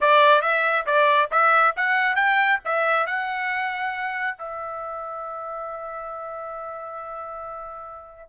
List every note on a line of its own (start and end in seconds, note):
0.00 0.41 D5
0.41 0.85 E5
0.86 1.29 D5
1.31 1.75 E5
1.76 2.15 F#5
2.15 2.59 G5
2.64 3.06 E5
3.06 4.37 F#5
4.38 8.29 E5